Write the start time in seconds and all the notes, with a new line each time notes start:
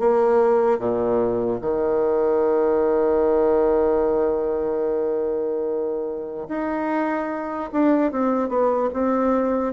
0.00 A#3
0.79 A#2
1.62 D#3
6.49 D#4
7.73 D4
8.12 C4
8.50 B3
8.94 C4